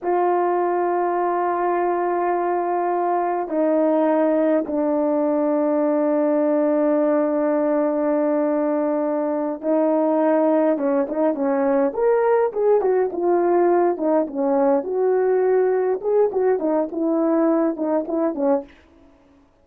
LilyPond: \new Staff \with { instrumentName = "horn" } { \time 4/4 \tempo 4 = 103 f'1~ | f'2 dis'2 | d'1~ | d'1~ |
d'8 dis'2 cis'8 dis'8 cis'8~ | cis'8 ais'4 gis'8 fis'8 f'4. | dis'8 cis'4 fis'2 gis'8 | fis'8 dis'8 e'4. dis'8 e'8 cis'8 | }